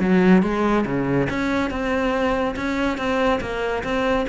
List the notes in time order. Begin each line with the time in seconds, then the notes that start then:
0.00 F#3
0.43 G#3
0.86 C#3
1.30 C#4
1.70 C4
2.56 C#4
2.98 C4
3.41 A#3
3.84 C4